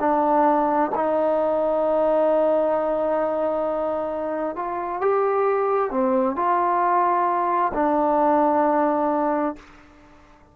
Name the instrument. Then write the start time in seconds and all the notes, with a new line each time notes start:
trombone
0.00 D4
0.95 D#4
4.55 F4
5.01 G4
5.91 C4
6.36 F4
7.74 D4